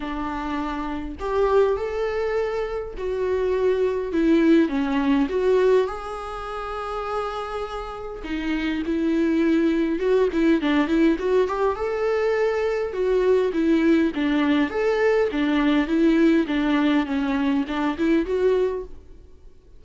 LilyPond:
\new Staff \with { instrumentName = "viola" } { \time 4/4 \tempo 4 = 102 d'2 g'4 a'4~ | a'4 fis'2 e'4 | cis'4 fis'4 gis'2~ | gis'2 dis'4 e'4~ |
e'4 fis'8 e'8 d'8 e'8 fis'8 g'8 | a'2 fis'4 e'4 | d'4 a'4 d'4 e'4 | d'4 cis'4 d'8 e'8 fis'4 | }